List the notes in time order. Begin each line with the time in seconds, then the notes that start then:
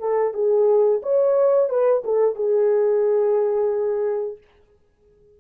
0.00 A4
0.34 G#4
1.03 C#5
1.69 B4
2.04 A4
2.36 G#4